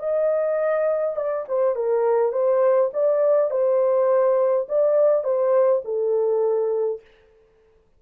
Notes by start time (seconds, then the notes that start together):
0.00 D#5
1.17 D5
1.49 C5
1.76 A#4
2.32 C5
2.94 D5
3.51 C5
4.69 D5
5.24 C5
5.85 A4